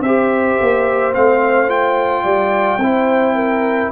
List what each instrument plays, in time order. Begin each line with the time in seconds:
0.00 tuba C4, trombone G4, horn C5, trumpet E5
0.60 tuba A#3
1.13 tuba A3, trombone C4, trumpet F5
1.68 trombone F4, trumpet G5
2.23 tuba G3, horn D5
2.78 tuba C4, trombone E4, horn C5
3.34 horn A#4